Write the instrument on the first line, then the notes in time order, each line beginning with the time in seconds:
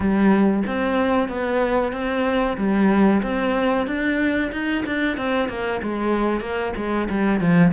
cello
0.00 G3
0.66 C4
1.28 B3
1.92 C4
2.57 G3
3.22 C4
3.86 D4
4.52 D#4
4.86 D4
5.17 C4
5.48 A#3
5.82 G#3
6.40 A#3
6.76 G#3
7.09 G3
7.40 F3